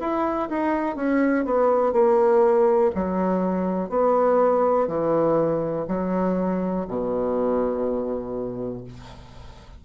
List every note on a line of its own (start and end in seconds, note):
0.00 0.49 E4
0.50 0.96 D#4
0.96 1.45 C#4
1.45 1.93 B3
1.93 2.91 A#3
2.95 3.89 F#3
3.89 4.87 B3
4.87 5.86 E3
5.88 6.86 F#3
6.88 8.84 B2